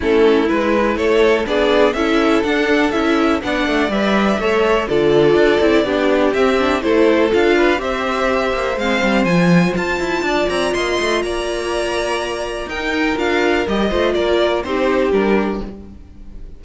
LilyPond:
<<
  \new Staff \with { instrumentName = "violin" } { \time 4/4 \tempo 4 = 123 a'4 b'4 cis''4 d''4 | e''4 fis''4 e''4 fis''4 | e''2 d''2~ | d''4 e''4 c''4 f''4 |
e''2 f''4 gis''4 | a''4. ais''8 c'''4 ais''4~ | ais''2 g''4 f''4 | dis''4 d''4 c''4 ais'4 | }
  \new Staff \with { instrumentName = "violin" } { \time 4/4 e'2 a'4 gis'4 | a'2. d''4~ | d''4 cis''4 a'2 | g'2 a'4. b'8 |
c''1~ | c''4 d''4 dis''4 d''4~ | d''2 ais'2~ | ais'8 c''8 ais'4 g'2 | }
  \new Staff \with { instrumentName = "viola" } { \time 4/4 cis'4 e'2 d'4 | e'4 d'4 e'4 d'4 | b'4 a'4 f'4. e'8 | d'4 c'8 d'8 e'4 f'4 |
g'2 c'4 f'4~ | f'1~ | f'2 dis'4 f'4 | g'8 f'4. dis'4 d'4 | }
  \new Staff \with { instrumentName = "cello" } { \time 4/4 a4 gis4 a4 b4 | cis'4 d'4 cis'4 b8 a8 | g4 a4 d4 d'8 c'8 | b4 c'4 a4 d'4 |
c'4. ais8 gis8 g8 f4 | f'8 e'8 d'8 c'8 ais8 a8 ais4~ | ais2 dis'4 d'4 | g8 a8 ais4 c'4 g4 | }
>>